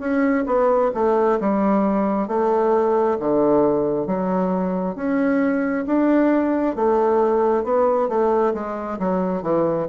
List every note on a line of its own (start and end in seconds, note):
0.00 0.45 C#4
0.46 0.91 B3
0.94 1.39 A3
1.40 2.28 G3
2.28 3.18 A3
3.20 4.07 D3
4.07 4.96 F#3
4.96 5.85 C#4
5.87 6.76 D4
6.76 7.64 A3
7.64 8.09 B3
8.09 8.54 A3
8.54 8.99 G#3
8.99 9.42 F#3
9.42 9.87 E3